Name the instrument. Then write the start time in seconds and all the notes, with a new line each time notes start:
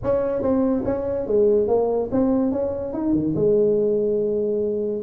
tuba
0.03 C#4
0.41 C4
0.85 C#4
1.26 G#3
1.67 A#3
2.11 C4
2.51 C#4
2.93 D#4
3.13 D#3
3.35 G#3